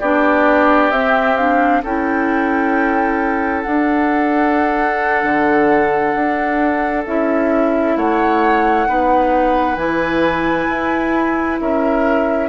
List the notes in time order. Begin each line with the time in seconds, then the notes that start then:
0.00 B3 D4 G4 D5
0.91 C4 E5
1.37 D4 F5
1.83 C#4 E4 A4 G5
3.62 D4 F#5
5.24 D3
6.15 D4
7.06 C#4 E4 E5
7.97 A3 C#5 F#5
8.87 B3 D#4 B4
9.76 E3 E4 G#5
10.69 E4
11.60 C#4 A#4 E5